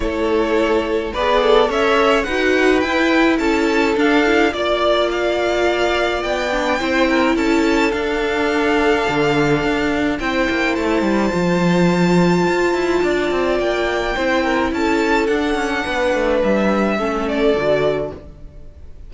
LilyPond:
<<
  \new Staff \with { instrumentName = "violin" } { \time 4/4 \tempo 4 = 106 cis''2 b'8 a'8 e''4 | fis''4 g''4 a''4 f''4 | d''4 f''2 g''4~ | g''4 a''4 f''2~ |
f''2 g''4 a''4~ | a''1 | g''2 a''4 fis''4~ | fis''4 e''4. d''4. | }
  \new Staff \with { instrumentName = "violin" } { \time 4/4 a'2 d''4 cis''4 | b'2 a'2 | d''1 | c''8 ais'8 a'2.~ |
a'2 c''2~ | c''2. d''4~ | d''4 c''8 ais'8 a'2 | b'2 a'2 | }
  \new Staff \with { instrumentName = "viola" } { \time 4/4 e'2 gis'4 a'4 | fis'4 e'2 d'8 e'8 | f'2.~ f'8 d'8 | e'2 d'2~ |
d'2 e'2 | f'1~ | f'4 e'2 d'4~ | d'2 cis'4 fis'4 | }
  \new Staff \with { instrumentName = "cello" } { \time 4/4 a2 b4 cis'4 | dis'4 e'4 cis'4 d'4 | ais2. b4 | c'4 cis'4 d'2 |
d4 d'4 c'8 ais8 a8 g8 | f2 f'8 e'8 d'8 c'8 | ais4 c'4 cis'4 d'8 cis'8 | b8 a8 g4 a4 d4 | }
>>